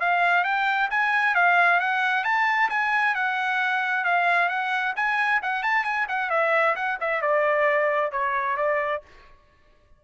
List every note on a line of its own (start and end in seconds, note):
0.00 0.44 F5
0.44 0.89 G5
0.90 1.35 G#5
1.35 1.80 F5
1.80 2.24 F#5
2.24 2.69 A5
2.70 3.15 G#5
3.15 4.05 F#5
4.05 4.49 F5
4.49 4.94 F#5
4.96 5.41 G#5
5.43 5.63 F#5
5.63 5.84 A5
5.84 6.07 G#5
6.08 6.30 F#5
6.30 6.75 E5
6.76 6.98 F#5
7.01 7.22 E5
7.22 8.12 D5
8.12 8.57 C#5
8.57 9.02 D5